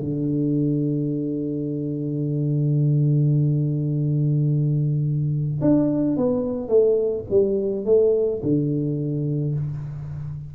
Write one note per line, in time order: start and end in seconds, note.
0.00 5.61 D3
5.62 6.17 D4
6.17 6.69 B3
6.69 7.25 A3
7.30 7.86 G3
7.86 8.42 A3
8.43 9.55 D3